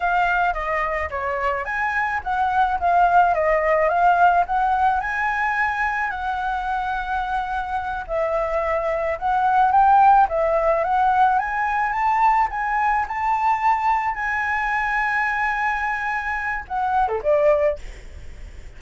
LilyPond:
\new Staff \with { instrumentName = "flute" } { \time 4/4 \tempo 4 = 108 f''4 dis''4 cis''4 gis''4 | fis''4 f''4 dis''4 f''4 | fis''4 gis''2 fis''4~ | fis''2~ fis''8 e''4.~ |
e''8 fis''4 g''4 e''4 fis''8~ | fis''8 gis''4 a''4 gis''4 a''8~ | a''4. gis''2~ gis''8~ | gis''2 fis''8. a'16 d''4 | }